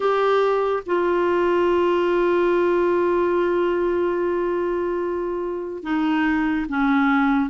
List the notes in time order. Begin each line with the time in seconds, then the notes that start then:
0.00 G4
0.86 F4
5.83 D#4
6.69 C#4